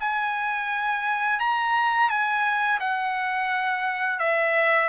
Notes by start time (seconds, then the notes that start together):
0.00 G#5
1.40 A#5
2.09 G#5
2.80 F#5
4.19 E5